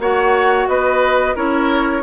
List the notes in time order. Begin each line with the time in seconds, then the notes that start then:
0.00 A#3 F#4 C#5 F#5
0.68 B3 B4 D#5
1.36 C#4 E4 A#4 C#5